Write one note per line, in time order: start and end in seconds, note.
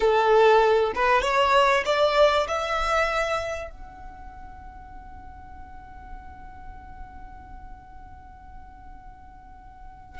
0.00 0.92 A4
0.95 1.22 B4
1.22 1.84 C#5
1.85 2.47 D5
2.47 3.70 E5
3.70 10.19 F#5